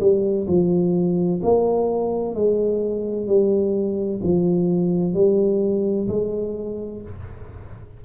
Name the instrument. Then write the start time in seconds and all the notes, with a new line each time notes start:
tuba
0.00 G3
0.47 F3
1.43 A#3
2.35 G#3
3.27 G3
4.23 F3
5.14 G3
6.08 G#3